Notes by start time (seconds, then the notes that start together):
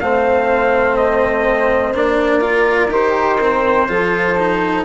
0.00 A3 C4 C5 F5
0.96 D#5
1.94 A#3 D4 D5
2.41 F4 A#4
2.88 D#3 G4 C5
3.40 C4
3.89 F3 F4 A4
4.37 D#4